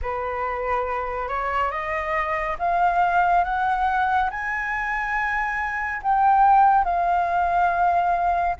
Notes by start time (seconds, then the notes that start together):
0.02 B4
1.28 C#5
1.71 D#5
2.59 F5
3.44 F#5
4.30 G#5
6.02 G5
6.84 F5